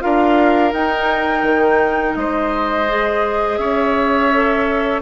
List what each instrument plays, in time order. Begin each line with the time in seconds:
0.00 bassoon D4, clarinet F4, oboe A#4, flute F5
0.73 bassoon D#4, clarinet D#4, flute G5
1.43 bassoon D#3
2.15 bassoon G#3, oboe C5, flute D#5
2.88 clarinet G#4
3.58 bassoon C#4, oboe C#5, flute E5
4.32 clarinet A4